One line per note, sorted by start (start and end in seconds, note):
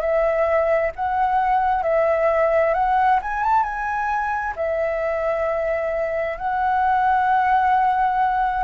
0.00 0.91 E5
0.95 1.83 F#5
1.83 2.74 E5
2.74 3.19 F#5
3.22 3.43 G#5
3.43 3.63 A5
3.63 4.54 G#5
4.56 6.38 E5
6.38 8.64 F#5